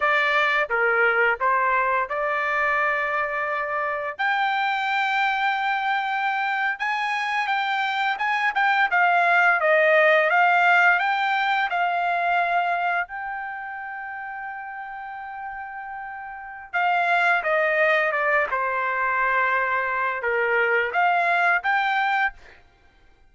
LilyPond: \new Staff \with { instrumentName = "trumpet" } { \time 4/4 \tempo 4 = 86 d''4 ais'4 c''4 d''4~ | d''2 g''2~ | g''4.~ g''16 gis''4 g''4 gis''16~ | gis''16 g''8 f''4 dis''4 f''4 g''16~ |
g''8. f''2 g''4~ g''16~ | g''1 | f''4 dis''4 d''8 c''4.~ | c''4 ais'4 f''4 g''4 | }